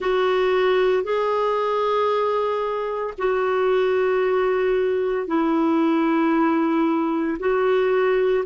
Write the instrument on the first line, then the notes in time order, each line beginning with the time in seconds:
clarinet
0.00 F#4
1.03 G#4
3.18 F#4
5.27 E4
7.39 F#4